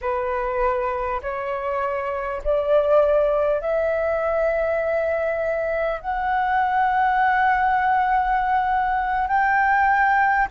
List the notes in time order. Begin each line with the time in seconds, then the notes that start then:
0.01 B4
1.22 C#5
2.43 D5
3.60 E5
6.01 F#5
9.27 G5